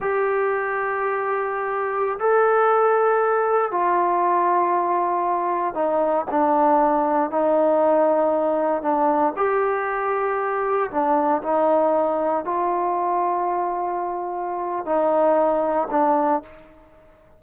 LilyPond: \new Staff \with { instrumentName = "trombone" } { \time 4/4 \tempo 4 = 117 g'1~ | g'16 a'2. f'8.~ | f'2.~ f'16 dis'8.~ | dis'16 d'2 dis'4.~ dis'16~ |
dis'4~ dis'16 d'4 g'4.~ g'16~ | g'4~ g'16 d'4 dis'4.~ dis'16~ | dis'16 f'2.~ f'8.~ | f'4 dis'2 d'4 | }